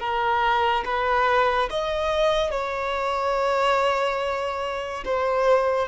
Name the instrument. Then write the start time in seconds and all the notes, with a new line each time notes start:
violin
0.00 A#4
0.85 B4
1.70 D#5
2.51 C#5
5.06 C5